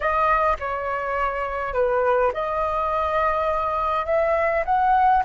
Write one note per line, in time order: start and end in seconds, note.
0.00 0.56 D#5
0.59 1.73 C#5
1.73 2.31 B4
2.33 4.05 D#5
4.05 4.63 E5
4.65 5.23 F#5